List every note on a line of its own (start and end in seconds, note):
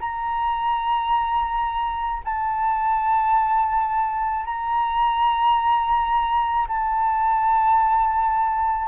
0.00 2.22 A#5
2.25 4.45 A5
4.45 6.68 A#5
6.68 8.88 A5